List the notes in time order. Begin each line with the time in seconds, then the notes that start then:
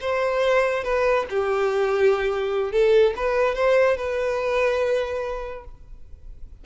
0.00 C5
0.83 B4
1.29 G4
2.72 A4
3.16 B4
3.55 C5
3.97 B4